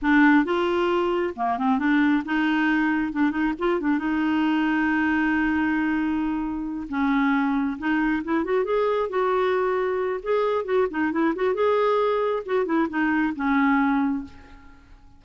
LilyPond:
\new Staff \with { instrumentName = "clarinet" } { \time 4/4 \tempo 4 = 135 d'4 f'2 ais8 c'8 | d'4 dis'2 d'8 dis'8 | f'8 d'8 dis'2.~ | dis'2.~ dis'8 cis'8~ |
cis'4. dis'4 e'8 fis'8 gis'8~ | gis'8 fis'2~ fis'8 gis'4 | fis'8 dis'8 e'8 fis'8 gis'2 | fis'8 e'8 dis'4 cis'2 | }